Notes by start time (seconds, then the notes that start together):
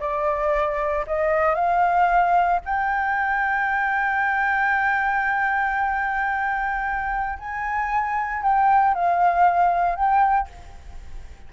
0.00 D5
1.07 D#5
1.55 F5
2.65 G5
7.39 G#5
8.43 G5
8.94 F5
9.95 G5